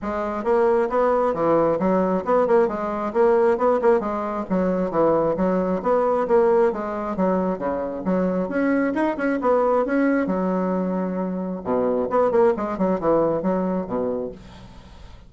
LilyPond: \new Staff \with { instrumentName = "bassoon" } { \time 4/4 \tempo 4 = 134 gis4 ais4 b4 e4 | fis4 b8 ais8 gis4 ais4 | b8 ais8 gis4 fis4 e4 | fis4 b4 ais4 gis4 |
fis4 cis4 fis4 cis'4 | dis'8 cis'8 b4 cis'4 fis4~ | fis2 b,4 b8 ais8 | gis8 fis8 e4 fis4 b,4 | }